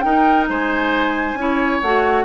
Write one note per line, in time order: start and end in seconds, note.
0.00 1.36 D#4
0.00 0.49 D#4
0.00 0.49 A#4
0.00 0.45 G5
0.49 1.34 G#3
0.49 1.38 C5
0.49 1.81 G#5
1.34 1.79 C#4
1.34 1.82 E4
1.34 2.25 C#5
1.81 2.25 A3
1.81 2.25 F#4
1.81 2.25 F#5